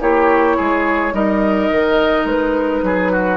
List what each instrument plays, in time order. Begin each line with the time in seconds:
0.00 bassoon A#3, clarinet E4, oboe G4, flute C#5
0.57 bassoon G#3, oboe G#4
1.12 bassoon G3, clarinet D#4, oboe A#4, flute D#5
1.71 bassoon D#3
2.24 bassoon G#3, flute B4
2.82 bassoon F#3, oboe G#4
3.12 oboe F#4